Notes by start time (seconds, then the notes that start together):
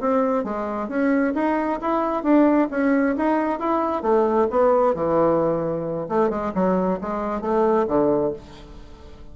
0.00 C4
0.44 G#3
0.88 C#4
1.34 D#4
1.81 E4
2.23 D4
2.70 C#4
3.16 D#4
3.59 E4
4.02 A3
4.50 B3
4.94 E3
6.09 A3
6.30 G#3
6.54 F#3
7.01 G#3
7.41 A3
7.87 D3